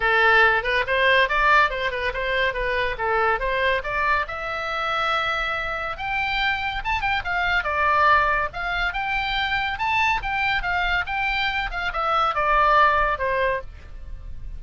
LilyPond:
\new Staff \with { instrumentName = "oboe" } { \time 4/4 \tempo 4 = 141 a'4. b'8 c''4 d''4 | c''8 b'8 c''4 b'4 a'4 | c''4 d''4 e''2~ | e''2 g''2 |
a''8 g''8 f''4 d''2 | f''4 g''2 a''4 | g''4 f''4 g''4. f''8 | e''4 d''2 c''4 | }